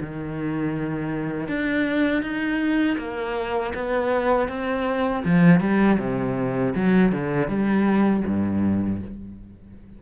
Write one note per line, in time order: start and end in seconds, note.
0.00 1.48 D#3
1.48 2.22 D4
2.22 2.97 D#4
2.98 3.73 A#3
3.74 4.48 B3
4.48 5.23 C4
5.25 5.60 F3
5.60 5.98 G3
5.98 6.73 C3
6.75 7.11 F#3
7.11 7.48 D3
7.48 8.23 G3
8.26 9.01 G2